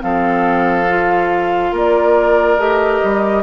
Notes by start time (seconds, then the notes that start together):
0.00 F3 C4 A4 F5
0.89 F4
1.72 A#3 A#4 D5
2.58 A3 G4 D#5
3.03 G3